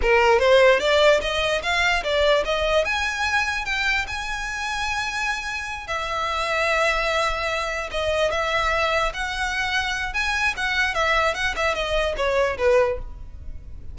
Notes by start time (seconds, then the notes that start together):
0.01 A#4
0.39 C5
0.79 D5
1.21 D#5
1.62 F5
2.03 D5
2.45 D#5
2.85 G#5
3.65 G5
4.07 G#5
5.87 E5
7.91 D#5
8.31 E5
9.13 F#5
10.13 G#5
10.57 F#5
10.94 E5
11.34 F#5
11.56 E5
11.74 D#5
12.16 C#5
12.57 B4